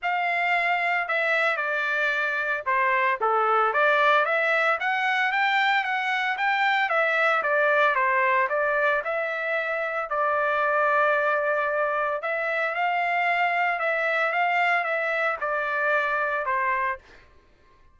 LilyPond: \new Staff \with { instrumentName = "trumpet" } { \time 4/4 \tempo 4 = 113 f''2 e''4 d''4~ | d''4 c''4 a'4 d''4 | e''4 fis''4 g''4 fis''4 | g''4 e''4 d''4 c''4 |
d''4 e''2 d''4~ | d''2. e''4 | f''2 e''4 f''4 | e''4 d''2 c''4 | }